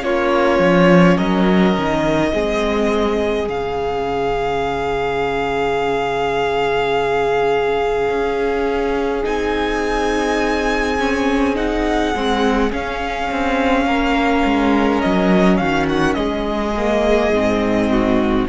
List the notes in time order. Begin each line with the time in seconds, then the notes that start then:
0.00 A#3 C#4 F4 C#5
0.59 F3
1.17 F#3 A#4 D#5
1.78 D#3
2.33 G#3 C4 G#4
3.47 C#3 C#4 F5
8.08 C#4
9.23 C4 D#4 G#5
10.99 C#4
11.55 D#4 F#5
12.14 G#3 C4
12.70 C#4 F5
13.31 C4
13.86 A#3 A#4
14.45 G#3
15.01 F#3 D#5
15.57 D#3 F#4 F5
15.89 F#5
16.14 G#3 G#4 D#5
16.77 A#3
17.30 G#2 C4
17.91 F#4